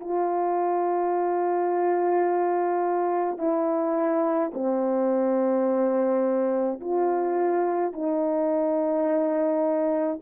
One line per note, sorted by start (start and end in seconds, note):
0.00 3.38 F4
3.38 4.51 E4
4.54 6.80 C4
6.81 7.93 F4
7.93 10.19 D#4